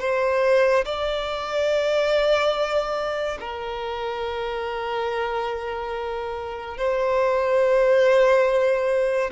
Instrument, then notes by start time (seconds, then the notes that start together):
violin
0.00 C5
0.85 D5
3.40 A#4
6.77 C5